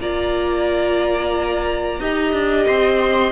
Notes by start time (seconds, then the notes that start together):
0.00 A#3 F4 D5 A#5
2.00 D#4 G4 D#5
2.33 D4
2.67 C4 C6